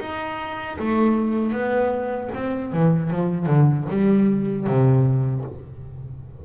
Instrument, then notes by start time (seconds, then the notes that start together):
double bass
0.00 D#4
0.79 A3
1.52 B3
2.35 C4
2.73 E3
3.11 F3
3.47 D3
3.90 G3
4.67 C3